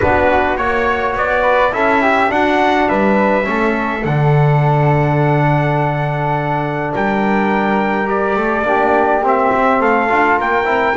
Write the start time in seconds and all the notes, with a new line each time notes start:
0.00 B3 D4 F#4 B4
0.56 A#3 F#4 C#5
1.14 B3 D5
1.42 B4
1.71 C#4 E4 A4 E5
2.01 G4
2.28 D4 F#4 F#5
2.88 G3 B4 E5
3.43 A3 C#4 A4
4.04 D3 D4 F#5
6.93 G3 A#4 G5
8.06 G4 D5
8.35 A3 A4
8.62 A#3 D4 G4
9.23 C4 E5
9.54 C4
9.80 A3 A4 F5
10.09 D4 F4
10.38 A#3 A#4 G5
10.64 C4 E4